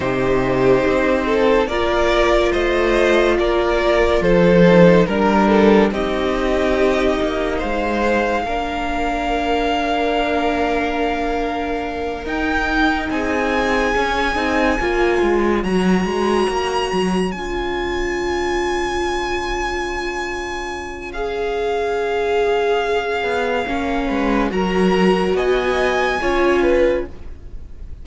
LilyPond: <<
  \new Staff \with { instrumentName = "violin" } { \time 4/4 \tempo 4 = 71 c''2 d''4 dis''4 | d''4 c''4 ais'4 dis''4~ | dis''4 f''2.~ | f''2~ f''8 g''4 gis''8~ |
gis''2~ gis''8 ais''4.~ | ais''8 gis''2.~ gis''8~ | gis''4 f''2.~ | f''4 ais''4 gis''2 | }
  \new Staff \with { instrumentName = "violin" } { \time 4/4 g'4. a'8 ais'4 c''4 | ais'4 a'4 ais'8 a'8 g'4~ | g'4 c''4 ais'2~ | ais'2.~ ais'8 gis'8~ |
gis'4. cis''2~ cis''8~ | cis''1~ | cis''1~ | cis''8 b'8 ais'4 dis''4 cis''8 b'8 | }
  \new Staff \with { instrumentName = "viola" } { \time 4/4 dis'2 f'2~ | f'4. dis'8 d'4 dis'4~ | dis'2 d'2~ | d'2~ d'8 dis'4.~ |
dis'8 cis'8 dis'8 f'4 fis'4.~ | fis'8 f'2.~ f'8~ | f'4 gis'2. | cis'4 fis'2 f'4 | }
  \new Staff \with { instrumentName = "cello" } { \time 4/4 c4 c'4 ais4 a4 | ais4 f4 g4 c'4~ | c'8 ais8 gis4 ais2~ | ais2~ ais8 dis'4 c'8~ |
c'8 cis'8 c'8 ais8 gis8 fis8 gis8 ais8 | fis8 cis'2.~ cis'8~ | cis'2.~ cis'8 b8 | ais8 gis8 fis4 b4 cis'4 | }
>>